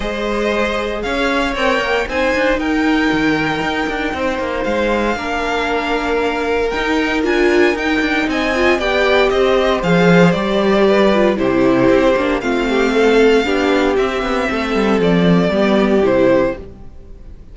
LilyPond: <<
  \new Staff \with { instrumentName = "violin" } { \time 4/4 \tempo 4 = 116 dis''2 f''4 g''4 | gis''4 g''2.~ | g''4 f''2.~ | f''4 g''4 gis''4 g''4 |
gis''4 g''4 dis''4 f''4 | d''2 c''2 | f''2. e''4~ | e''4 d''2 c''4 | }
  \new Staff \with { instrumentName = "violin" } { \time 4/4 c''2 cis''2 | c''4 ais'2. | c''2 ais'2~ | ais'1 |
dis''4 d''4 c''2~ | c''4 b'4 g'2 | f'8 g'8 a'4 g'2 | a'2 g'2 | }
  \new Staff \with { instrumentName = "viola" } { \time 4/4 gis'2. ais'4 | dis'1~ | dis'2 d'2~ | d'4 dis'4 f'4 dis'4~ |
dis'8 f'8 g'2 gis'4 | g'4. f'8 e'4. d'8 | c'2 d'4 c'4~ | c'2 b4 e'4 | }
  \new Staff \with { instrumentName = "cello" } { \time 4/4 gis2 cis'4 c'8 ais8 | c'8 d'8 dis'4 dis4 dis'8 d'8 | c'8 ais8 gis4 ais2~ | ais4 dis'4 d'4 dis'8 d'8 |
c'4 b4 c'4 f4 | g2 c4 c'8 ais8 | a2 b4 c'8 b8 | a8 g8 f4 g4 c4 | }
>>